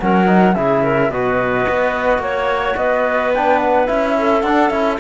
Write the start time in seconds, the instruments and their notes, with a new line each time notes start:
0.00 cello F#3, trombone C#4, clarinet A#4, flute F#5
0.27 trombone D#4
0.55 cello C#3, trombone E4, clarinet G#4, flute E5
0.84 clarinet A#4
1.10 cello B2, trombone F#4, clarinet B4, flute D#5
1.69 cello B3
2.19 cello A#3, flute C#5, clarinet C#5
2.77 cello B3, clarinet B4, flute D#5
3.35 trombone D4, flute G5
3.59 flute F#5
3.87 cello C#4, trombone E4, flute E5
4.18 clarinet A4
4.42 cello D4, trombone D4, flute F#5
4.70 cello C#4, trombone E4, flute E5